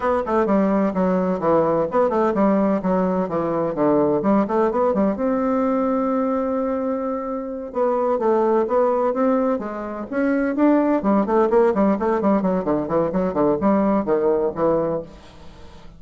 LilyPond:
\new Staff \with { instrumentName = "bassoon" } { \time 4/4 \tempo 4 = 128 b8 a8 g4 fis4 e4 | b8 a8 g4 fis4 e4 | d4 g8 a8 b8 g8 c'4~ | c'1~ |
c'8 b4 a4 b4 c'8~ | c'8 gis4 cis'4 d'4 g8 | a8 ais8 g8 a8 g8 fis8 d8 e8 | fis8 d8 g4 dis4 e4 | }